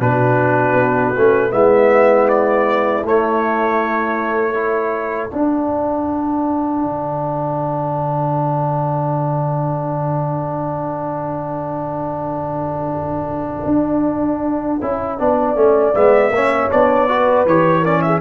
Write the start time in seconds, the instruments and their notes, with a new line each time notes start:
0.00 tuba B2, trombone D4, horn F#4, trumpet B4
0.73 tuba B3
1.17 tuba A3, trombone C#4
1.50 tuba G#3, trombone B3, horn E4, trumpet E5
2.28 trumpet D5
3.04 tuba A3, trombone A3, trumpet C#5
4.54 trombone E4, horn A4
5.31 tuba D4, trombone D4, trumpet F#5
6.84 tuba D3
13.65 tuba D4
14.81 tuba C#4, trombone E4
15.18 tuba B3, trombone D4, horn D5
15.55 tuba A3, trombone C#4
15.94 tuba G#3, trombone B3, trumpet E5
16.30 tuba A#3, trombone C#4, horn C#5
16.70 tuba B3, trombone D4, trumpet D5
17.08 trombone F#4, horn B4
17.45 tuba E3, trombone G4, trumpet C#5
17.80 trombone C#4, horn A#4, trumpet D5
18.01 horn G#4, trumpet E5